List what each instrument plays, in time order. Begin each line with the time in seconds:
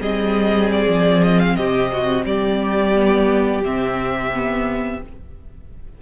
0.00 cello G3, viola C4, violin G#4 D#5
0.72 violin D5
0.88 cello F3
1.23 violin D#5
1.40 violin F5
1.56 cello C3, violin G4 D#5
1.92 violin F#4
2.24 cello G3, violin G4 D5
2.96 viola B3
3.62 cello C3, viola C4, violin E5
4.33 viola B3